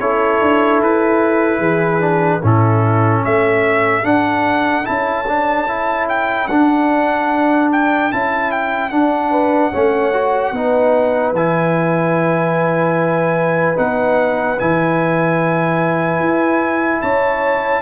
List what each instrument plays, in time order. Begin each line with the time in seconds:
0.00 tuba C#4, trombone E4, horn A4, trumpet C#5
0.42 tuba D4
0.81 tuba E4, trumpet B4
1.59 tuba E3, horn G#4
2.01 trombone D4
2.43 tuba A2, trombone C#4, horn E4, trumpet A4
3.22 tuba A3, horn A4, trumpet E5
4.04 trombone D4, tuba D4, trumpet F#5
4.84 tuba C#4, trombone E4, trumpet A5
5.28 trombone D4
5.68 trombone E4
6.09 trumpet G5
6.48 tuba D4, trombone D4, trumpet F#5
7.72 trumpet G5
8.12 tuba C#4, trombone E4, trumpet A5
8.52 trumpet G5
8.90 trombone D4, tuba D4, trumpet F#5
9.31 horn B4
9.72 tuba A3, trombone C#4, horn C#5
10.14 trombone F#4
10.52 tuba B3, trombone D#4, horn B4
11.33 tuba E3, trombone E4, trumpet G#5
13.76 tuba B3, trombone D#4, trumpet F#5
14.59 tuba E3, trombone E4, trumpet G#5
16.20 tuba E4
17.02 tuba C#4, horn C#5, trumpet A5